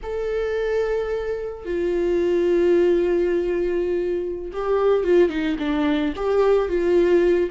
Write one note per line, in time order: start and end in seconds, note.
0.02 1.65 A4
1.65 4.51 F4
4.52 5.03 G4
5.03 5.29 F4
5.29 5.56 D#4
5.59 6.13 D4
6.16 6.68 G4
6.68 7.50 F4